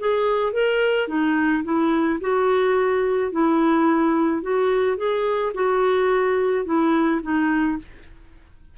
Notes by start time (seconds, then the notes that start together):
0.00 G#4
0.53 A#4
1.08 D#4
1.64 E4
2.21 F#4
3.32 E4
4.42 F#4
4.97 G#4
5.55 F#4
6.66 E4
7.23 D#4